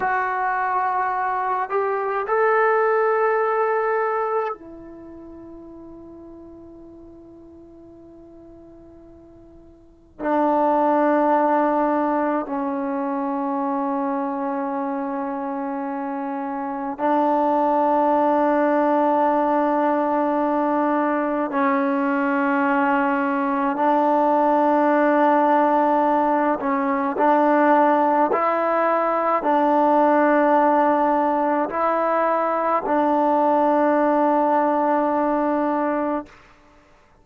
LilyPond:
\new Staff \with { instrumentName = "trombone" } { \time 4/4 \tempo 4 = 53 fis'4. g'8 a'2 | e'1~ | e'4 d'2 cis'4~ | cis'2. d'4~ |
d'2. cis'4~ | cis'4 d'2~ d'8 cis'8 | d'4 e'4 d'2 | e'4 d'2. | }